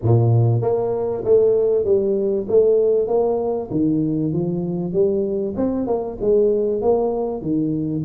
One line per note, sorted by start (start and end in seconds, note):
0.02 0.61 A#2
0.61 1.23 A#3
1.24 1.84 A3
1.84 2.46 G3
2.48 3.07 A3
3.07 3.69 A#3
3.70 4.32 D#3
4.32 4.92 F3
4.92 5.54 G3
5.56 5.86 C4
5.86 6.17 A#3
6.20 6.81 G#3
6.81 7.41 A#3
7.41 8.03 D#3